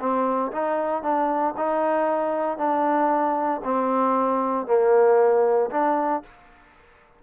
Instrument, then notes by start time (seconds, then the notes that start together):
trombone
0.00 C4
0.52 D#4
1.03 D4
1.57 D#4
2.58 D4
3.64 C4
4.67 A#3
5.71 D4